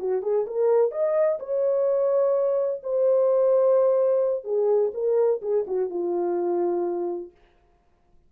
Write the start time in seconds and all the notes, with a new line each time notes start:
0.00 F#4
0.23 G#4
0.47 A#4
0.92 D#5
1.40 C#5
2.83 C5
4.45 G#4
4.94 A#4
5.42 G#4
5.67 F#4
5.90 F4